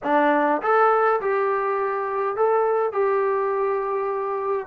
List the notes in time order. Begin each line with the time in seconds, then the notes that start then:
0.03 D4
0.62 A4
1.20 G4
2.36 A4
2.92 G4